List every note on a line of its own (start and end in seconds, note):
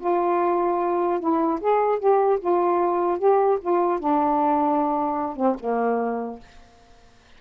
0.00 1.20 F4
1.20 1.60 E4
1.61 1.99 G#4
1.99 2.39 G4
2.40 3.19 F4
3.19 3.59 G4
3.61 3.99 F4
3.99 5.36 D4
5.36 5.56 C4
5.60 6.40 A#3